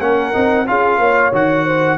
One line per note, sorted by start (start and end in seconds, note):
0.00 0.33 A#3
0.00 0.33 C#4
0.00 0.67 A#4
0.00 0.67 F#5
0.33 0.68 C4
0.33 0.66 D#4
0.67 0.99 C#4
0.67 1.33 F4
0.67 1.00 G#4
0.67 1.33 F5
0.99 1.32 A#3
0.99 1.65 C#5
1.33 1.98 D#3
1.33 1.98 F#4
1.33 1.98 F#5
1.65 1.98 C5